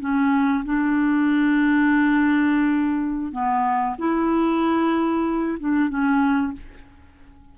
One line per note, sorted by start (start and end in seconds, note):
0.00 0.64 C#4
0.65 3.32 D4
3.32 3.96 B3
3.98 5.58 E4
5.59 5.89 D4
5.89 6.53 C#4